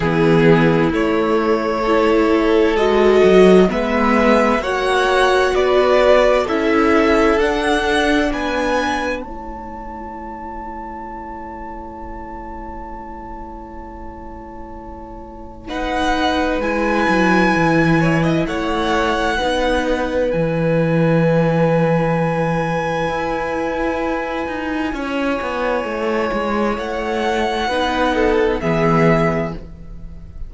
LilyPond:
<<
  \new Staff \with { instrumentName = "violin" } { \time 4/4 \tempo 4 = 65 gis'4 cis''2 dis''4 | e''4 fis''4 d''4 e''4 | fis''4 gis''4 a''2~ | a''1~ |
a''4 fis''4 gis''2 | fis''2 gis''2~ | gis''1~ | gis''4 fis''2 e''4 | }
  \new Staff \with { instrumentName = "violin" } { \time 4/4 e'2 a'2 | b'4 cis''4 b'4 a'4~ | a'4 b'4 cis''2~ | cis''1~ |
cis''4 b'2~ b'8 cis''16 dis''16 | cis''4 b'2.~ | b'2. cis''4~ | cis''2 b'8 a'8 gis'4 | }
  \new Staff \with { instrumentName = "viola" } { \time 4/4 b4 a4 e'4 fis'4 | b4 fis'2 e'4 | d'2 e'2~ | e'1~ |
e'4 dis'4 e'2~ | e'4 dis'4 e'2~ | e'1~ | e'2 dis'4 b4 | }
  \new Staff \with { instrumentName = "cello" } { \time 4/4 e4 a2 gis8 fis8 | gis4 ais4 b4 cis'4 | d'4 b4 a2~ | a1~ |
a2 gis8 fis8 e4 | a4 b4 e2~ | e4 e'4. dis'8 cis'8 b8 | a8 gis8 a4 b4 e4 | }
>>